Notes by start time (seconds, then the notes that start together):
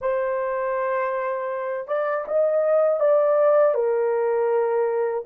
0.01 C5
1.88 D5
2.27 D#5
3.00 D5
3.74 A#4